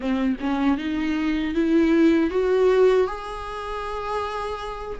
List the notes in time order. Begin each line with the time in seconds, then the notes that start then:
0.00 C4
0.40 C#4
0.77 D#4
1.54 E4
2.30 F#4
3.07 G#4